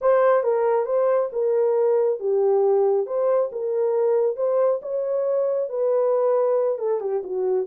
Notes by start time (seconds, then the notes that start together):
0.01 C5
0.43 A#4
0.85 C5
1.32 A#4
2.19 G4
3.06 C5
3.52 A#4
4.36 C5
4.82 C#5
5.69 B4
6.78 A4
7.00 G4
7.23 F#4